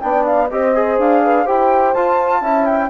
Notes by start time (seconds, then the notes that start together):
0.00 B3 D4 D5 G5
0.25 F5
0.49 C4 G4 C5 D#5
0.75 G#4
0.98 D4 F5
1.24 B4
1.43 E4 G4 C5 G5
1.94 F4 A5
2.41 C#4 E4 E5
2.65 G5